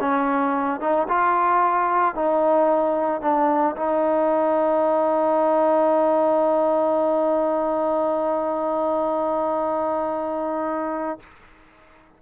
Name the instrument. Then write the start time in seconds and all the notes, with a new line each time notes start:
trombone
0.00 C#4
0.80 D#4
1.08 F4
2.15 D#4
3.21 D4
3.76 D#4